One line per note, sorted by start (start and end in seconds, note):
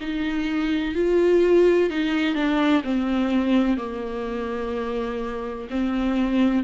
0.00 0.94 D#4
0.94 1.90 F4
1.90 2.34 D#4
2.34 2.82 D4
2.83 3.77 C4
3.77 5.68 A#3
5.69 6.63 C4